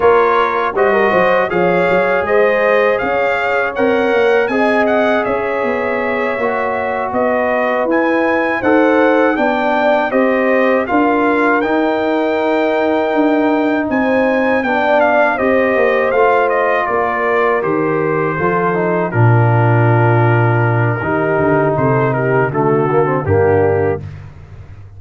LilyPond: <<
  \new Staff \with { instrumentName = "trumpet" } { \time 4/4 \tempo 4 = 80 cis''4 dis''4 f''4 dis''4 | f''4 fis''4 gis''8 fis''8 e''4~ | e''4. dis''4 gis''4 fis''8~ | fis''8 g''4 dis''4 f''4 g''8~ |
g''2~ g''8 gis''4 g''8 | f''8 dis''4 f''8 dis''8 d''4 c''8~ | c''4. ais'2~ ais'8~ | ais'4 c''8 ais'8 a'4 g'4 | }
  \new Staff \with { instrumentName = "horn" } { \time 4/4 ais'4 c''16 ais'16 c''8 cis''4 c''4 | cis''2 dis''4 cis''4~ | cis''4. b'2 c''8~ | c''8 d''4 c''4 ais'4.~ |
ais'2~ ais'8 c''4 d''8~ | d''8 c''2 ais'4.~ | ais'8 a'4 f'2~ f'8 | g'4 a'8 g'8 fis'4 d'4 | }
  \new Staff \with { instrumentName = "trombone" } { \time 4/4 f'4 fis'4 gis'2~ | gis'4 ais'4 gis'2~ | gis'8 fis'2 e'4 a'8~ | a'8 d'4 g'4 f'4 dis'8~ |
dis'2.~ dis'8 d'8~ | d'8 g'4 f'2 g'8~ | g'8 f'8 dis'8 d'2~ d'8 | dis'2 a8 ais16 c'16 ais4 | }
  \new Staff \with { instrumentName = "tuba" } { \time 4/4 ais4 g8 fis8 f8 fis8 gis4 | cis'4 c'8 ais8 c'4 cis'8 b8~ | b8 ais4 b4 e'4 dis'8~ | dis'8 b4 c'4 d'4 dis'8~ |
dis'4. d'4 c'4 b8~ | b8 c'8 ais8 a4 ais4 dis8~ | dis8 f4 ais,2~ ais,8 | dis8 d8 c4 d4 g,4 | }
>>